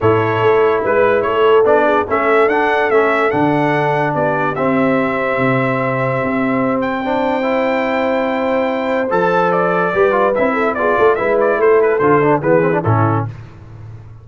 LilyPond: <<
  \new Staff \with { instrumentName = "trumpet" } { \time 4/4 \tempo 4 = 145 cis''2 b'4 cis''4 | d''4 e''4 fis''4 e''4 | fis''2 d''4 e''4~ | e''1~ |
e''8 g''2.~ g''8~ | g''2 a''4 d''4~ | d''4 e''4 d''4 e''8 d''8 | c''8 b'8 c''4 b'4 a'4 | }
  \new Staff \with { instrumentName = "horn" } { \time 4/4 a'2 b'4 a'4~ | a'8 gis'8 a'2.~ | a'2 g'2~ | g'1~ |
g'4 c''2.~ | c''1 | b'4. a'8 gis'8 a'8 b'4 | a'2 gis'4 e'4 | }
  \new Staff \with { instrumentName = "trombone" } { \time 4/4 e'1 | d'4 cis'4 d'4 cis'4 | d'2. c'4~ | c'1~ |
c'4 d'4 e'2~ | e'2 a'2 | g'8 f'8 e'4 f'4 e'4~ | e'4 f'8 d'8 b8 c'16 d'16 cis'4 | }
  \new Staff \with { instrumentName = "tuba" } { \time 4/4 a,4 a4 gis4 a4 | b4 a4 d'4 a4 | d2 b4 c'4~ | c'4 c2 c'4~ |
c'1~ | c'2 f2 | g4 c'4 b8 a8 gis4 | a4 d4 e4 a,4 | }
>>